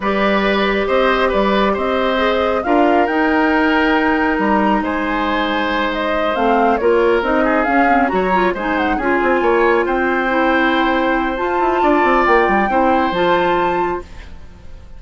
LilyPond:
<<
  \new Staff \with { instrumentName = "flute" } { \time 4/4 \tempo 4 = 137 d''2 dis''4 d''4 | dis''2 f''4 g''4~ | g''2 ais''4 gis''4~ | gis''4. dis''4 f''4 cis''8~ |
cis''8 dis''4 f''4 ais''4 gis''8 | fis''8 gis''2 g''4.~ | g''2 a''2 | g''2 a''2 | }
  \new Staff \with { instrumentName = "oboe" } { \time 4/4 b'2 c''4 b'4 | c''2 ais'2~ | ais'2. c''4~ | c''2.~ c''8 ais'8~ |
ais'4 gis'4. cis''4 c''8~ | c''8 gis'4 cis''4 c''4.~ | c''2. d''4~ | d''4 c''2. | }
  \new Staff \with { instrumentName = "clarinet" } { \time 4/4 g'1~ | g'4 gis'4 f'4 dis'4~ | dis'1~ | dis'2~ dis'8 c'4 f'8~ |
f'8 dis'4 cis'8 c'8 fis'8 f'8 dis'8~ | dis'8 f'2. e'8~ | e'2 f'2~ | f'4 e'4 f'2 | }
  \new Staff \with { instrumentName = "bassoon" } { \time 4/4 g2 c'4 g4 | c'2 d'4 dis'4~ | dis'2 g4 gis4~ | gis2~ gis8 a4 ais8~ |
ais8 c'4 cis'4 fis4 gis8~ | gis8 cis'8 c'8 ais4 c'4.~ | c'2 f'8 e'8 d'8 c'8 | ais8 g8 c'4 f2 | }
>>